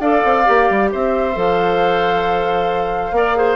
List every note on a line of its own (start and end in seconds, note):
0.00 0.22 D4
0.00 0.45 A4
0.00 0.90 D5
0.00 0.90 F5
0.24 0.47 C4
0.45 0.70 A#3
0.45 1.34 G4
0.70 0.92 G3
0.92 1.36 C4
0.92 3.16 C5
0.92 1.38 E5
1.34 3.12 F3
1.34 3.13 A4
1.34 3.56 F5
3.12 3.56 A#3
3.12 3.36 A#4
3.12 3.38 D5
3.36 3.56 G#4
3.36 3.56 C5